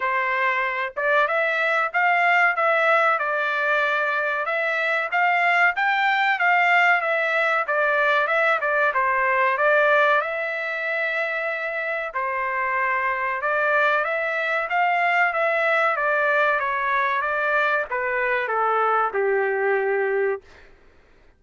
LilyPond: \new Staff \with { instrumentName = "trumpet" } { \time 4/4 \tempo 4 = 94 c''4. d''8 e''4 f''4 | e''4 d''2 e''4 | f''4 g''4 f''4 e''4 | d''4 e''8 d''8 c''4 d''4 |
e''2. c''4~ | c''4 d''4 e''4 f''4 | e''4 d''4 cis''4 d''4 | b'4 a'4 g'2 | }